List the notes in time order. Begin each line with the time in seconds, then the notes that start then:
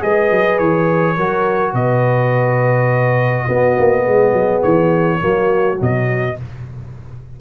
0.00 G#3 G#4 B4 D#5
0.31 F#3
0.58 E3 C#5
1.16 F#3 F#4 A#4
1.73 B2 B4 D#5
3.45 B3 F#4
3.78 A#3
4.04 G#3 G#4
4.33 F#3
4.62 E3 C#5
5.19 F#3 A#3 F#4
5.76 B2 F#3
5.82 D#5